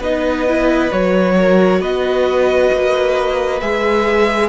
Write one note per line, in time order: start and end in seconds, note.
0.00 0.90 B3
0.00 0.48 D#4
0.00 1.34 B4
0.00 0.92 D#5
0.48 0.91 E4
0.91 1.80 F#3
0.91 3.60 F#4
0.91 1.82 C#5
1.37 1.80 A#4
1.80 2.70 B3
1.80 4.49 B4
1.80 3.60 D#5
2.72 3.61 A#3
3.60 4.49 G#3
3.60 4.49 G#4
3.60 4.49 E5